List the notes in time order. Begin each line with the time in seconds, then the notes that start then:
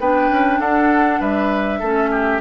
0.00 B3 D4 B4 G5
0.30 C#4
0.59 D4 A4 F#5
1.20 G3 B4 E5
1.80 A3 C#4 A4
2.11 G4